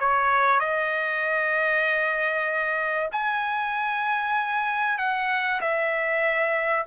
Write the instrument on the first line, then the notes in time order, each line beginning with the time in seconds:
trumpet
0.00 C#5
0.60 D#5
3.12 G#5
4.98 F#5
5.61 E5